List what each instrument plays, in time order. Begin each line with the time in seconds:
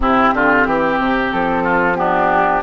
0.00 bassoon C3, clarinet C4, oboe E4, flute G4
0.33 bassoon D3, oboe F4
0.66 bassoon E3, oboe G4
0.98 bassoon C3
1.32 bassoon F3, flute A4
1.63 oboe F4
1.95 clarinet B3, oboe D4, flute G4